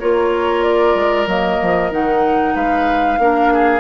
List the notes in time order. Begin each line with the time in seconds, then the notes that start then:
0.00 A#3 F4 A#4 C#5
0.63 D5
0.95 G#3
1.27 F#3 A#3 D#5
1.62 F3
1.91 D#3 D#4 F#5
2.55 G#3 B4 F5
3.19 A#3 D4 A#4
3.54 G#4